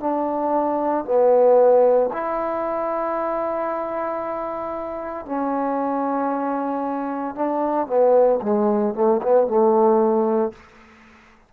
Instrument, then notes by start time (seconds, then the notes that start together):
trombone
0.00 D4
1.05 B3
2.12 E4
5.25 C#4
7.35 D4
7.87 B3
8.42 G#3
8.94 A3
9.22 B3
9.47 A3